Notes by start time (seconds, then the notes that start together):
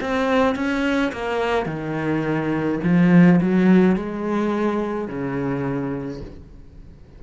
0.00 C4
0.55 C#4
1.12 A#3
1.65 D#3
2.83 F3
3.41 F#3
3.95 G#3
5.07 C#3